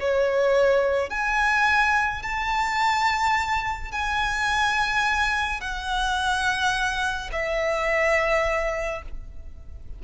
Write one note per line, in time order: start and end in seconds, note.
0.00 1.10 C#5
1.10 2.23 G#5
2.23 3.93 A5
3.93 5.61 G#5
5.61 7.31 F#5
7.33 9.03 E5